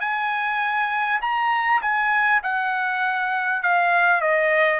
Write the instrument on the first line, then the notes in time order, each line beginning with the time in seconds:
trumpet
0.00 G#5
1.21 A#5
1.81 G#5
2.43 F#5
3.62 F5
4.21 D#5